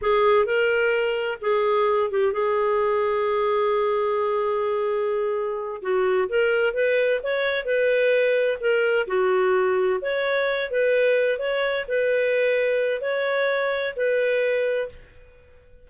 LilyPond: \new Staff \with { instrumentName = "clarinet" } { \time 4/4 \tempo 4 = 129 gis'4 ais'2 gis'4~ | gis'8 g'8 gis'2.~ | gis'1~ | gis'8 fis'4 ais'4 b'4 cis''8~ |
cis''8 b'2 ais'4 fis'8~ | fis'4. cis''4. b'4~ | b'8 cis''4 b'2~ b'8 | cis''2 b'2 | }